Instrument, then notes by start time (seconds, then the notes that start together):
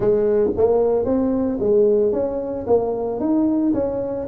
tuba
0.00 G#3
0.57 A#3
1.05 C4
1.60 G#3
2.12 C#4
2.66 A#3
3.19 D#4
3.73 C#4